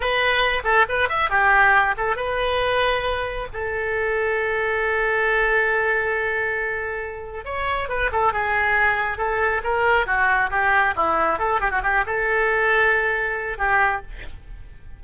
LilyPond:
\new Staff \with { instrumentName = "oboe" } { \time 4/4 \tempo 4 = 137 b'4. a'8 b'8 e''8 g'4~ | g'8 a'8 b'2. | a'1~ | a'1~ |
a'4 cis''4 b'8 a'8 gis'4~ | gis'4 a'4 ais'4 fis'4 | g'4 e'4 a'8 g'16 fis'16 g'8 a'8~ | a'2. g'4 | }